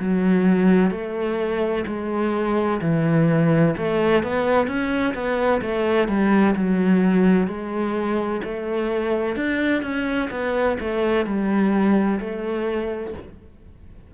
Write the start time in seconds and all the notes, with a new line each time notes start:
0.00 F#3
0.92 A3
1.87 G#3
2.82 E3
3.78 A3
4.24 B3
4.67 C#4
5.15 B3
5.62 A3
6.09 G3
6.56 F#3
7.48 G#3
8.44 A3
9.37 D4
9.83 C#4
10.31 B3
10.81 A3
11.26 G3
12.20 A3